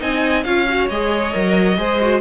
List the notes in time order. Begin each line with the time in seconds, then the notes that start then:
0.00 C4 D#4 D#5 G#5
0.44 C#4 F4 C#5 F5
0.69 F#4
0.90 G#3 G#4 D#5
1.33 F#3 A#4
1.78 G#3 G#4 C5
2.01 F#4